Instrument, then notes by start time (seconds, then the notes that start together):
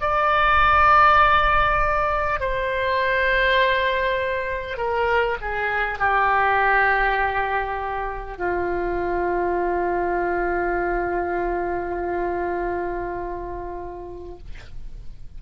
oboe
0.00 D5
2.39 C5
4.77 A#4
5.41 G#4
5.98 G4
8.38 F4